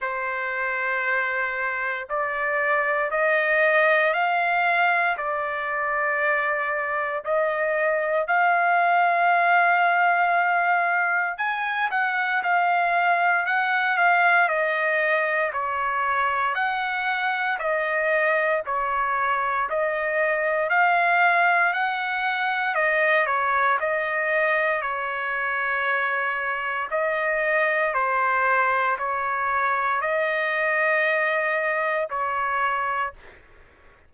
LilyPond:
\new Staff \with { instrumentName = "trumpet" } { \time 4/4 \tempo 4 = 58 c''2 d''4 dis''4 | f''4 d''2 dis''4 | f''2. gis''8 fis''8 | f''4 fis''8 f''8 dis''4 cis''4 |
fis''4 dis''4 cis''4 dis''4 | f''4 fis''4 dis''8 cis''8 dis''4 | cis''2 dis''4 c''4 | cis''4 dis''2 cis''4 | }